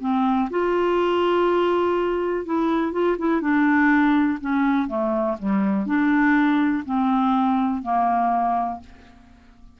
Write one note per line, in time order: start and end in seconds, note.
0.00 0.49 C4
0.50 2.45 F4
2.45 2.92 E4
2.92 3.16 F4
3.18 3.41 E4
3.41 4.38 D4
4.40 4.88 C#4
4.88 5.36 A3
5.39 5.86 G3
5.86 6.83 D4
6.85 7.82 C4
7.82 8.80 A#3